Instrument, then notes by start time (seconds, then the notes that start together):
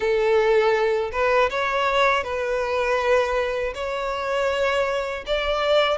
violin
0.00 A4
1.11 B4
1.50 C#5
2.23 B4
3.74 C#5
5.26 D5